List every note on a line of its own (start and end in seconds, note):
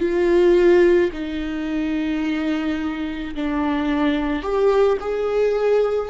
0.00 1.11 F4
1.13 3.35 D#4
3.35 4.42 D4
4.42 4.98 G4
5.01 6.10 G#4